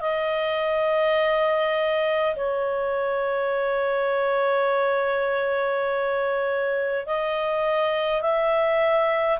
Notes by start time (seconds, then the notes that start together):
0.00 D#5
2.36 C#5
7.06 D#5
8.21 E5